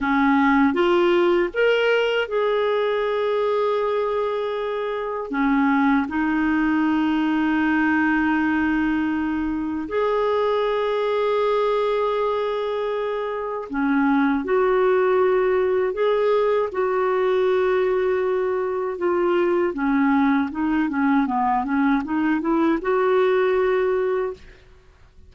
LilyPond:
\new Staff \with { instrumentName = "clarinet" } { \time 4/4 \tempo 4 = 79 cis'4 f'4 ais'4 gis'4~ | gis'2. cis'4 | dis'1~ | dis'4 gis'2.~ |
gis'2 cis'4 fis'4~ | fis'4 gis'4 fis'2~ | fis'4 f'4 cis'4 dis'8 cis'8 | b8 cis'8 dis'8 e'8 fis'2 | }